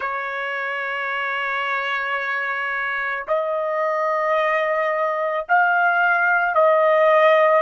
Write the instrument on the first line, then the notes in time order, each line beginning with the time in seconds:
trumpet
0.00 C#5
3.27 D#5
5.48 F5
6.55 D#5